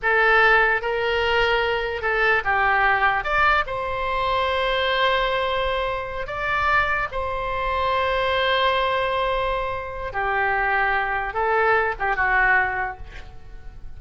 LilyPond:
\new Staff \with { instrumentName = "oboe" } { \time 4/4 \tempo 4 = 148 a'2 ais'2~ | ais'4 a'4 g'2 | d''4 c''2.~ | c''2.~ c''8 d''8~ |
d''4. c''2~ c''8~ | c''1~ | c''4 g'2. | a'4. g'8 fis'2 | }